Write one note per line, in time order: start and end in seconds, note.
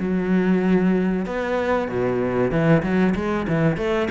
0.00 1.26 F#3
1.26 1.89 B3
1.89 2.51 B2
2.51 2.83 E3
2.83 3.15 F#3
3.15 3.47 G#3
3.49 3.78 E3
3.78 4.09 A3